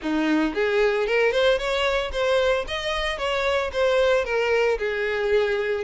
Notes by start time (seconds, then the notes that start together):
0.02 D#4
0.54 G#4
1.06 A#4
1.32 C5
1.58 C#5
2.12 C5
2.67 D#5
3.17 C#5
3.72 C5
4.24 A#4
4.78 G#4